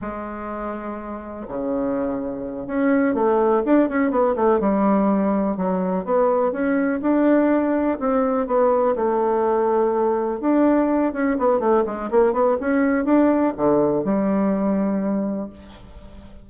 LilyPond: \new Staff \with { instrumentName = "bassoon" } { \time 4/4 \tempo 4 = 124 gis2. cis4~ | cis4. cis'4 a4 d'8 | cis'8 b8 a8 g2 fis8~ | fis8 b4 cis'4 d'4.~ |
d'8 c'4 b4 a4.~ | a4. d'4. cis'8 b8 | a8 gis8 ais8 b8 cis'4 d'4 | d4 g2. | }